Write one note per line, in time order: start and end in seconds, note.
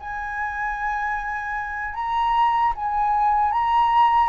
0.00 1.94 G#5
1.94 2.73 A#5
2.76 3.52 G#5
3.52 4.30 A#5